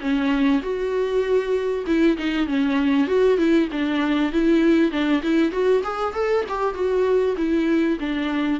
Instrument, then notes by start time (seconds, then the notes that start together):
viola
0.00 C#4
0.62 F#4
1.86 E4
2.17 D#4
2.47 C#4
3.07 F#4
3.38 E4
3.72 D4
4.32 E4
4.91 D4
5.22 E4
5.52 F#4
5.83 G#4
6.14 A4
6.48 G4
6.74 F#4
7.37 E4
8.00 D4